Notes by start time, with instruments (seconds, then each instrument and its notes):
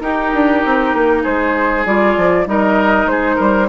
0.00 bassoon D#4, clarinet D#4, oboe G4, flute A#4
0.33 bassoon D4
0.64 bassoon C4
0.93 bassoon A#3
1.22 bassoon G#3, oboe G#4, flute C5
1.85 bassoon G3, clarinet F4, flute D5
2.16 bassoon F3
2.45 bassoon G3, clarinet D#4, oboe A#4, flute D#5
3.05 bassoon G#3, oboe G#4, flute C5
3.35 bassoon G3, oboe A#4